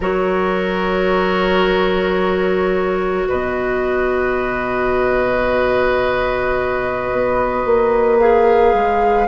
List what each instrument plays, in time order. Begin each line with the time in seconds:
0.00 bassoon F#3, clarinet F#4, oboe A#4, flute C#5
3.28 bassoon B2, oboe B4, flute D#5
7.11 bassoon B3
7.64 bassoon A#3
8.19 clarinet G#4, flute F5
8.73 bassoon G#3